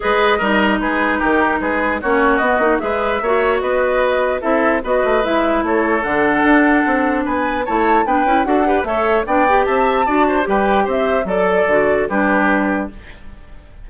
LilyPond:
<<
  \new Staff \with { instrumentName = "flute" } { \time 4/4 \tempo 4 = 149 dis''2 b'4 ais'4 | b'4 cis''4 dis''4 e''4~ | e''4 dis''2 e''4 | dis''4 e''4 cis''4 fis''4~ |
fis''2 gis''4 a''4 | g''4 fis''4 e''4 g''4 | a''2 g''4 e''4 | d''2 b'2 | }
  \new Staff \with { instrumentName = "oboe" } { \time 4/4 b'4 ais'4 gis'4 g'4 | gis'4 fis'2 b'4 | cis''4 b'2 a'4 | b'2 a'2~ |
a'2 b'4 cis''4 | b'4 a'8 b'8 cis''4 d''4 | e''4 d''8 c''8 b'4 c''4 | a'2 g'2 | }
  \new Staff \with { instrumentName = "clarinet" } { \time 4/4 gis'4 dis'2.~ | dis'4 cis'4 b8 dis'8 gis'4 | fis'2. e'4 | fis'4 e'2 d'4~ |
d'2. e'4 | d'8 e'8 fis'8 g'8 a'4 d'8 g'8~ | g'4 fis'4 g'2 | a'4 fis'4 d'2 | }
  \new Staff \with { instrumentName = "bassoon" } { \time 4/4 gis4 g4 gis4 dis4 | gis4 ais4 b8 ais8 gis4 | ais4 b2 c'4 | b8 a8 gis4 a4 d4 |
d'4 c'4 b4 a4 | b8 cis'8 d'4 a4 b4 | c'4 d'4 g4 c'4 | fis4 d4 g2 | }
>>